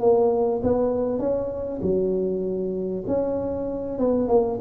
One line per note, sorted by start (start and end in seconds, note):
0.00 0.61 A#3
0.63 1.19 B3
1.19 1.80 C#4
1.81 3.04 F#3
3.07 3.98 C#4
3.98 4.28 B3
4.28 4.58 A#3